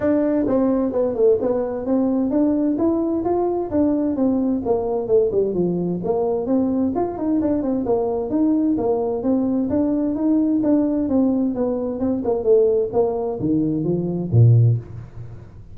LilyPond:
\new Staff \with { instrumentName = "tuba" } { \time 4/4 \tempo 4 = 130 d'4 c'4 b8 a8 b4 | c'4 d'4 e'4 f'4 | d'4 c'4 ais4 a8 g8 | f4 ais4 c'4 f'8 dis'8 |
d'8 c'8 ais4 dis'4 ais4 | c'4 d'4 dis'4 d'4 | c'4 b4 c'8 ais8 a4 | ais4 dis4 f4 ais,4 | }